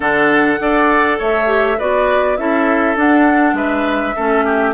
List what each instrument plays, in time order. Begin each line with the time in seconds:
0.00 bassoon D3, clarinet D4, oboe A4, flute F#5
0.58 bassoon D4, clarinet A4, oboe D5
1.18 bassoon A3, oboe C#5, flute E5
1.46 clarinet G4
1.78 bassoon B3, clarinet F#4, oboe B4, flute D5
2.37 bassoon C#4, clarinet E4, oboe A4, flute E5
2.95 bassoon D4, clarinet D4, flute F#5
3.53 bassoon G#3, oboe B4, flute E5
4.15 bassoon A3, clarinet C#4, oboe A4
4.44 oboe G4